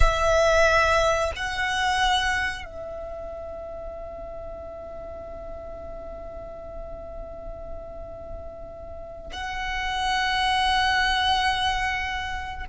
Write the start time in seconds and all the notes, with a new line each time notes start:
0.00 E5
1.35 F#5
2.65 E5
9.32 F#5